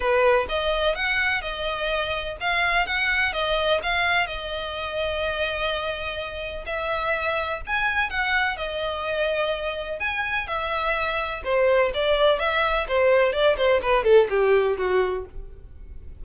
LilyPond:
\new Staff \with { instrumentName = "violin" } { \time 4/4 \tempo 4 = 126 b'4 dis''4 fis''4 dis''4~ | dis''4 f''4 fis''4 dis''4 | f''4 dis''2.~ | dis''2 e''2 |
gis''4 fis''4 dis''2~ | dis''4 gis''4 e''2 | c''4 d''4 e''4 c''4 | d''8 c''8 b'8 a'8 g'4 fis'4 | }